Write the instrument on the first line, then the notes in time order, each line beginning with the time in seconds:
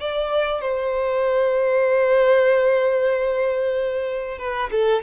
violin
0.00 D5
0.61 C5
4.38 B4
4.71 A4